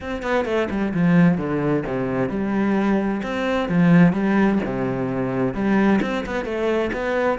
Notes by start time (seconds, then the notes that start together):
0.00 C4
0.22 B3
0.45 A3
0.70 G3
0.94 F3
1.37 D3
1.86 C3
2.29 G3
3.22 C4
3.68 F3
4.12 G3
4.65 C3
5.53 G3
6.01 C4
6.26 B3
6.44 A3
6.92 B3